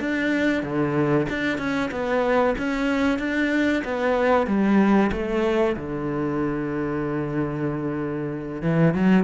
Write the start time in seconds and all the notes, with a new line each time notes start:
0.00 D4
0.63 D3
1.29 D4
1.58 C#4
1.91 B3
2.58 C#4
3.19 D4
3.84 B3
4.47 G3
5.12 A3
5.76 D3
8.62 E3
8.94 F#3